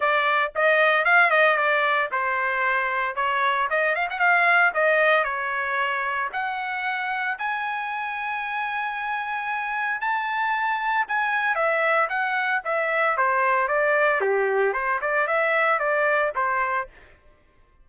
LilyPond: \new Staff \with { instrumentName = "trumpet" } { \time 4/4 \tempo 4 = 114 d''4 dis''4 f''8 dis''8 d''4 | c''2 cis''4 dis''8 f''16 fis''16 | f''4 dis''4 cis''2 | fis''2 gis''2~ |
gis''2. a''4~ | a''4 gis''4 e''4 fis''4 | e''4 c''4 d''4 g'4 | c''8 d''8 e''4 d''4 c''4 | }